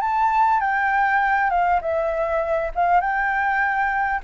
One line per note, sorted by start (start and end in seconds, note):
0.00 0.60 A5
0.60 1.50 G5
1.50 1.80 F5
1.81 2.71 E5
2.75 3.01 F5
3.01 4.21 G5